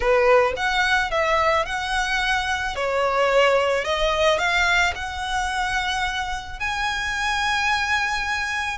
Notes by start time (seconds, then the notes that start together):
0.00 B4
0.56 F#5
1.10 E5
1.65 F#5
2.75 C#5
3.84 D#5
4.38 F5
4.95 F#5
6.59 G#5